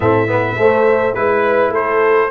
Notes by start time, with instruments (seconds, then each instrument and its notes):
0.00 tuba A2, trombone C4, horn A4, trumpet E5
0.27 trombone B3, horn B4
0.58 trombone A3, tuba A3, horn C5
1.14 tuba G#3, trombone E4, trumpet B4, horn B4
1.69 tuba A3, horn A4, trumpet C5